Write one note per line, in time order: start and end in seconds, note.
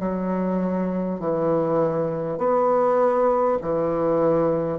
0.00 1.19 F#3
1.19 2.38 E3
2.38 3.58 B3
3.62 4.79 E3